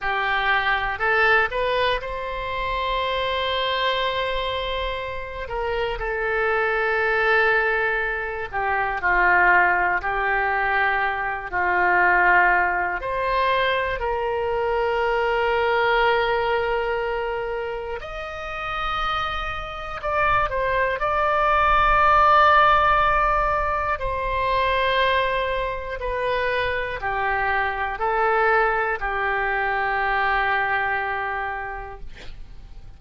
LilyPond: \new Staff \with { instrumentName = "oboe" } { \time 4/4 \tempo 4 = 60 g'4 a'8 b'8 c''2~ | c''4. ais'8 a'2~ | a'8 g'8 f'4 g'4. f'8~ | f'4 c''4 ais'2~ |
ais'2 dis''2 | d''8 c''8 d''2. | c''2 b'4 g'4 | a'4 g'2. | }